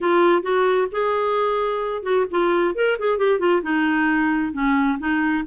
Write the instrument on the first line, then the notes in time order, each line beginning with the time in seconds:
clarinet
0.01 F4
0.42 F#4
0.91 G#4
2.02 F#4
2.30 F4
2.75 A#4
2.98 G#4
3.18 G4
3.39 F4
3.62 D#4
4.52 C#4
4.98 D#4